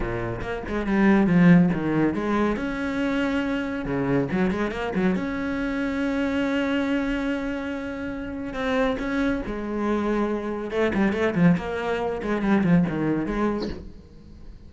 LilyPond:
\new Staff \with { instrumentName = "cello" } { \time 4/4 \tempo 4 = 140 ais,4 ais8 gis8 g4 f4 | dis4 gis4 cis'2~ | cis'4 cis4 fis8 gis8 ais8 fis8 | cis'1~ |
cis'1 | c'4 cis'4 gis2~ | gis4 a8 g8 a8 f8 ais4~ | ais8 gis8 g8 f8 dis4 gis4 | }